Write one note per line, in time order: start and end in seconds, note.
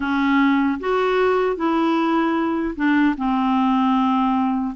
0.00 0.79 C#4
0.80 1.56 F#4
1.56 2.75 E4
2.76 3.15 D4
3.17 4.74 C4